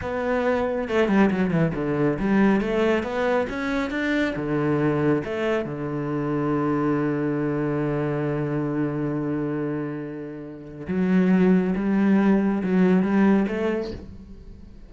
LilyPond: \new Staff \with { instrumentName = "cello" } { \time 4/4 \tempo 4 = 138 b2 a8 g8 fis8 e8 | d4 g4 a4 b4 | cis'4 d'4 d2 | a4 d2.~ |
d1~ | d1~ | d4 fis2 g4~ | g4 fis4 g4 a4 | }